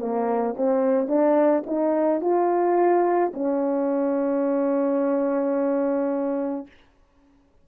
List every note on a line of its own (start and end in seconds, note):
0.00 0.56 A#3
0.57 1.08 C4
1.08 1.64 D4
1.67 2.21 D#4
2.21 3.32 F4
3.34 6.67 C#4